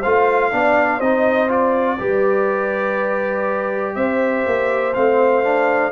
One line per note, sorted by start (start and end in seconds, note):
0.00 0.52 A3
0.00 0.51 F4
0.00 0.49 C5
0.00 1.00 F5
0.51 1.00 B3
0.51 1.00 D4
0.51 0.98 D5
0.98 1.98 C4
0.98 1.48 D#4
0.98 1.96 C5
0.98 1.49 D#5
1.48 1.97 F4
1.48 3.95 D5
1.98 3.95 G3
1.98 4.93 G4
1.98 3.96 B4
3.95 4.44 C4
3.95 5.91 C5
3.95 4.93 E5
4.46 4.95 A#3
4.94 5.91 A3
4.94 5.43 C4
4.94 5.91 F5
5.43 5.91 D4